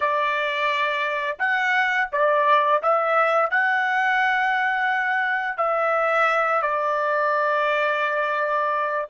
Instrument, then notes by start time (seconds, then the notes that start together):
trumpet
0.00 D5
1.39 F#5
2.12 D5
2.82 E5
3.50 F#5
5.57 E5
6.62 D5